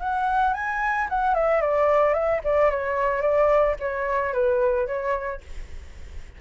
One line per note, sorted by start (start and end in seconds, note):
0.00 0.54 F#5
0.54 1.08 G#5
1.10 1.35 F#5
1.35 1.62 E5
1.62 2.14 D5
2.14 2.41 E5
2.44 2.71 D5
2.71 3.22 C#5
3.22 3.76 D5
3.80 4.34 C#5
4.34 4.87 B4
4.87 5.41 C#5